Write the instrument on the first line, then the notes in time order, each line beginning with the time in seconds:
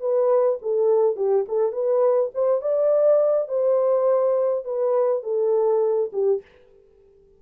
horn
0.00 B4
0.62 A4
1.16 G4
1.48 A4
1.72 B4
2.34 C5
2.61 D5
3.48 C5
4.65 B4
5.23 A4
6.12 G4